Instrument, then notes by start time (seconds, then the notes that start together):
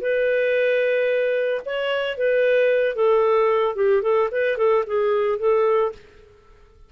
clarinet
0.00 B4
1.65 C#5
2.17 B4
2.95 A4
3.75 G4
4.02 A4
4.31 B4
4.57 A4
4.86 G#4
5.38 A4